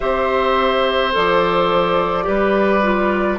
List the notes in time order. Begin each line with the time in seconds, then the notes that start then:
0.00 C4 G4 C5 E5
1.12 F3 A4 D5
2.23 G3 G4 B4
2.82 F4